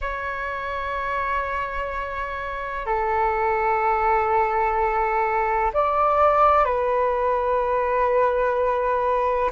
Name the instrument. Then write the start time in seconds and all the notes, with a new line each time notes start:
flute
0.01 C#5
2.86 A4
5.73 D5
6.65 B4